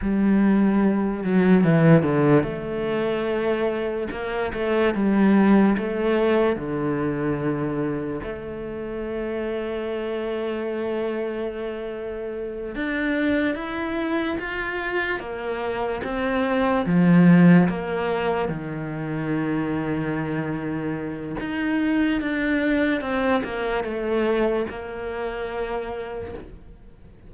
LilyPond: \new Staff \with { instrumentName = "cello" } { \time 4/4 \tempo 4 = 73 g4. fis8 e8 d8 a4~ | a4 ais8 a8 g4 a4 | d2 a2~ | a2.~ a8 d'8~ |
d'8 e'4 f'4 ais4 c'8~ | c'8 f4 ais4 dis4.~ | dis2 dis'4 d'4 | c'8 ais8 a4 ais2 | }